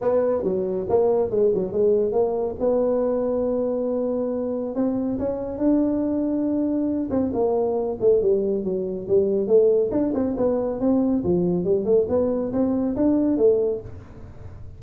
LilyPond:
\new Staff \with { instrumentName = "tuba" } { \time 4/4 \tempo 4 = 139 b4 fis4 ais4 gis8 fis8 | gis4 ais4 b2~ | b2. c'4 | cis'4 d'2.~ |
d'8 c'8 ais4. a8 g4 | fis4 g4 a4 d'8 c'8 | b4 c'4 f4 g8 a8 | b4 c'4 d'4 a4 | }